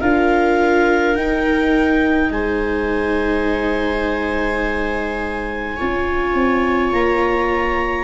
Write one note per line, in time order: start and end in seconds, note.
0.00 1.15 D4
0.00 1.16 F4
0.00 2.31 A#4
0.00 1.15 F5
1.15 2.29 D#4
1.15 5.77 D#4
1.15 2.31 G5
2.29 5.75 G#3
2.29 5.76 C5
2.29 6.92 G#5
5.76 6.34 C#4
5.76 8.04 F4
5.76 8.04 C#5
6.34 6.91 C4
6.92 8.04 A#3
6.92 8.04 A#5